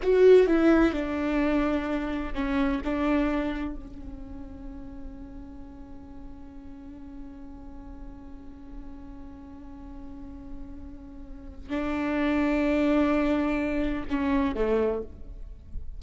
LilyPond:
\new Staff \with { instrumentName = "viola" } { \time 4/4 \tempo 4 = 128 fis'4 e'4 d'2~ | d'4 cis'4 d'2 | cis'1~ | cis'1~ |
cis'1~ | cis'1~ | cis'4 d'2.~ | d'2 cis'4 a4 | }